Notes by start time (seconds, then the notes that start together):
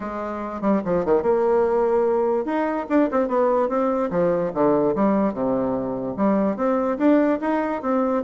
0.00 G#3
0.61 G3
0.84 F3
1.05 D#3
1.22 A#3
2.45 D#4
2.89 D4
3.11 C4
3.28 B3
3.69 C4
4.10 F3
4.53 D3
4.95 G3
5.33 C3
6.16 G3
6.56 C4
6.98 D4
7.40 D#4
7.82 C4